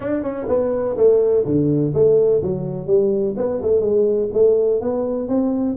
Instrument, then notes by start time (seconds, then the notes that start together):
tuba
0.00 D4
0.23 C#4
0.48 B3
0.96 A3
1.45 D3
1.94 A3
2.42 F#3
2.87 G3
3.36 B3
3.61 A3
3.81 G#3
4.33 A3
4.80 B3
5.28 C4